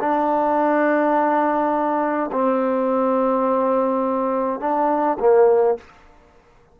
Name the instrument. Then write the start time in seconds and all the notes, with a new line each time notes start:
trombone
0.00 D4
2.32 C4
4.60 D4
5.20 A#3